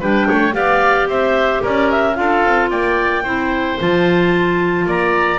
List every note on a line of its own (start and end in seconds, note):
0.00 0.28 G3
0.00 0.52 D4
0.00 0.27 B4
0.00 0.54 G5
0.29 0.55 A3
0.29 0.55 C#5
0.52 1.07 B3
0.52 2.14 G4
0.52 1.09 D5
0.52 1.08 F5
1.07 1.61 C4
1.07 1.63 C5
1.07 1.63 E5
1.63 2.18 C#4
1.63 2.17 A#4
1.63 1.91 D5
1.91 2.15 E5
2.15 2.45 D4
2.15 3.23 F4
2.15 2.70 A4
2.15 2.69 F5
2.45 2.71 C4
2.70 3.25 A#3
2.70 3.23 D5
2.70 3.79 G5
3.23 3.79 C4
3.23 3.79 E4
3.23 4.86 C5
3.79 4.86 F3
3.79 5.39 F4
3.79 4.89 A5
4.86 5.39 A#3
4.86 5.39 D5
4.86 5.39 A#5